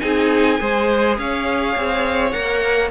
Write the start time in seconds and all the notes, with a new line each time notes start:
0.00 C4 D#4 G#4 G#5
0.59 G#3 G#4 C5
1.18 C#4 C#5 F5
1.77 C4
2.31 A#3 A#4 F#5